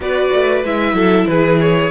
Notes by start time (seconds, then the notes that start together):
0.00 B3 F#4 B4 D5
0.33 A3
0.64 G#3 E4 E5
0.92 F#3 A4
1.26 E3 G#4 B4
1.60 C#5